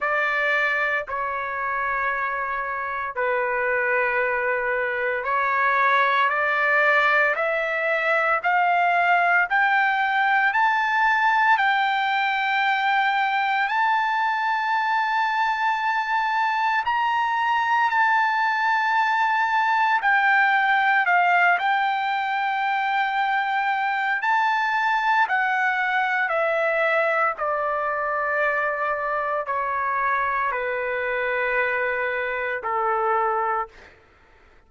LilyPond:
\new Staff \with { instrumentName = "trumpet" } { \time 4/4 \tempo 4 = 57 d''4 cis''2 b'4~ | b'4 cis''4 d''4 e''4 | f''4 g''4 a''4 g''4~ | g''4 a''2. |
ais''4 a''2 g''4 | f''8 g''2~ g''8 a''4 | fis''4 e''4 d''2 | cis''4 b'2 a'4 | }